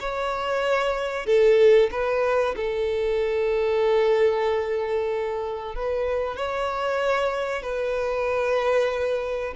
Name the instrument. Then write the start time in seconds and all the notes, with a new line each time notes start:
violin
0.00 C#5
1.26 A4
1.91 B4
2.56 A4
5.75 B4
6.36 C#5
7.62 B4